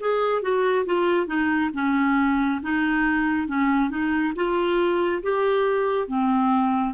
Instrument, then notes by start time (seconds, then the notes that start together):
clarinet
0.00 G#4
0.42 F#4
0.85 F4
1.27 D#4
1.74 C#4
2.62 D#4
3.47 C#4
3.90 D#4
4.35 F4
5.23 G4
6.08 C4